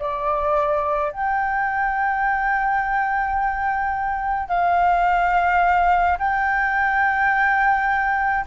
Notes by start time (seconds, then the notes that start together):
0.00 D5
1.12 G5
4.49 F5
6.19 G5